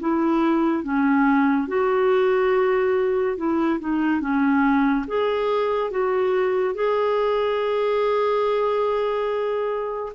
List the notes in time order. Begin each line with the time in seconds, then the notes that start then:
0.00 E4
0.83 C#4
1.68 F#4
3.37 E4
3.80 D#4
4.21 C#4
5.07 G#4
5.90 F#4
6.74 G#4